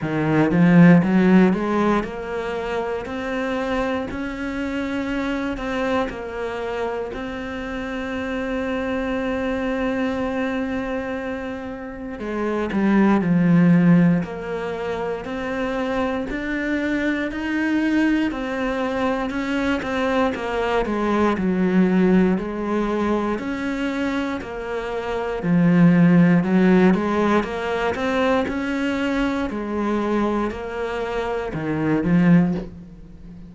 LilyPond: \new Staff \with { instrumentName = "cello" } { \time 4/4 \tempo 4 = 59 dis8 f8 fis8 gis8 ais4 c'4 | cis'4. c'8 ais4 c'4~ | c'1 | gis8 g8 f4 ais4 c'4 |
d'4 dis'4 c'4 cis'8 c'8 | ais8 gis8 fis4 gis4 cis'4 | ais4 f4 fis8 gis8 ais8 c'8 | cis'4 gis4 ais4 dis8 f8 | }